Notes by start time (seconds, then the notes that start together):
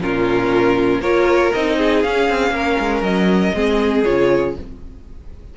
0.00 A#2 C#4 F4 A#4
1.00 A#3 F4 A#4 C#5
1.53 C4 D#4 D#5
1.77 G#4
2.02 C#4 F5
2.29 C4
2.50 A#3 A#4
2.79 G#3
3.01 F#3 D#5
3.54 G#3 C4 G#4
4.04 C#3 F4 C#5